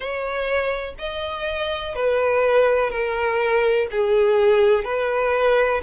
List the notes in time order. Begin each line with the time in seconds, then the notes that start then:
0.00 C#5
0.98 D#5
1.95 B4
2.90 A#4
3.91 G#4
4.84 B4